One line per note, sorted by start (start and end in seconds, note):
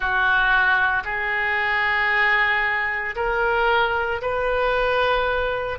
0.00 1.02 F#4
1.04 3.15 G#4
3.15 4.21 A#4
4.21 5.78 B4